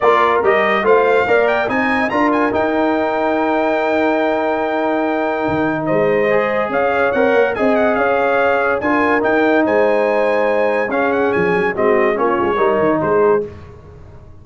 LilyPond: <<
  \new Staff \with { instrumentName = "trumpet" } { \time 4/4 \tempo 4 = 143 d''4 dis''4 f''4. g''8 | gis''4 ais''8 gis''8 g''2~ | g''1~ | g''2 dis''2 |
f''4 fis''4 gis''8 fis''8 f''4~ | f''4 gis''4 g''4 gis''4~ | gis''2 f''8 fis''8 gis''4 | dis''4 cis''2 c''4 | }
  \new Staff \with { instrumentName = "horn" } { \time 4/4 ais'2 c''4 d''4 | dis''4 ais'2.~ | ais'1~ | ais'2 c''2 |
cis''2 dis''4 cis''4~ | cis''4 ais'2 c''4~ | c''2 gis'2 | fis'4 f'4 ais'4 gis'4 | }
  \new Staff \with { instrumentName = "trombone" } { \time 4/4 f'4 g'4 f'4 ais'4 | dis'4 f'4 dis'2~ | dis'1~ | dis'2. gis'4~ |
gis'4 ais'4 gis'2~ | gis'4 f'4 dis'2~ | dis'2 cis'2 | c'4 cis'4 dis'2 | }
  \new Staff \with { instrumentName = "tuba" } { \time 4/4 ais4 g4 a4 ais4 | c'4 d'4 dis'2~ | dis'1~ | dis'4 dis4 gis2 |
cis'4 c'8 ais8 c'4 cis'4~ | cis'4 d'4 dis'4 gis4~ | gis2 cis'4 f8 fis8 | gis4 ais8 gis8 g8 dis8 gis4 | }
>>